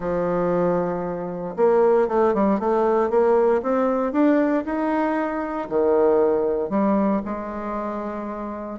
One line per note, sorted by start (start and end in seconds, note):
0.00 1.55 F3
1.56 2.08 A#3
2.08 2.33 A3
2.34 2.59 G3
2.59 3.10 A3
3.10 3.61 A#3
3.62 4.12 C4
4.12 4.64 D4
4.65 5.68 D#4
5.69 6.69 D#3
6.69 7.21 G3
7.25 8.79 G#3